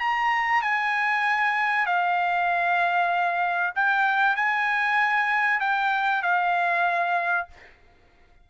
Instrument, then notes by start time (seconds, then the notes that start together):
trumpet
0.00 A#5
0.62 G#5
1.86 F5
3.76 G5
4.36 G#5
5.61 G5
6.23 F5